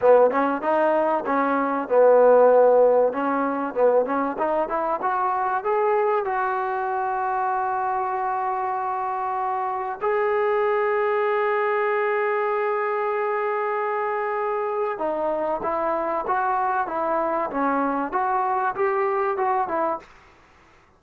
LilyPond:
\new Staff \with { instrumentName = "trombone" } { \time 4/4 \tempo 4 = 96 b8 cis'8 dis'4 cis'4 b4~ | b4 cis'4 b8 cis'8 dis'8 e'8 | fis'4 gis'4 fis'2~ | fis'1 |
gis'1~ | gis'1 | dis'4 e'4 fis'4 e'4 | cis'4 fis'4 g'4 fis'8 e'8 | }